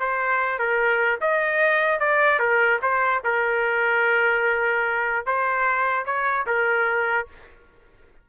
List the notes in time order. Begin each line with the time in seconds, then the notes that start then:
0.00 C5
0.59 A#4
1.21 D#5
2.00 D5
2.40 A#4
2.82 C5
3.25 A#4
5.26 C5
6.06 C#5
6.47 A#4